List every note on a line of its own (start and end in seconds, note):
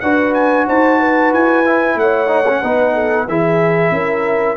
0.00 0.67 D4
0.00 1.65 F#4
0.00 0.67 B4
0.00 0.33 F#5
0.34 0.66 G#5
0.67 1.32 D#4
0.67 0.99 C5
0.67 1.33 A5
0.99 1.97 B4
1.32 1.95 E4
1.32 1.98 G#5
1.65 2.27 E4
1.95 2.60 A3
1.95 2.60 C#5
1.95 3.28 F#5
2.27 2.43 D#4
2.48 2.63 C#4
2.60 3.28 B3
2.60 3.28 D#4
2.60 2.93 B4
2.94 3.26 A4
3.28 3.91 E3
3.28 4.57 E4
3.28 3.93 G#4
3.28 4.57 E5
3.91 4.56 C#4
3.91 4.57 A#4